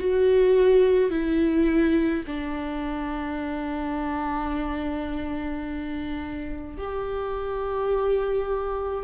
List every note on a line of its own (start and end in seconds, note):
0.00 1.11 F#4
1.11 2.24 E4
2.27 6.78 D4
6.78 9.04 G4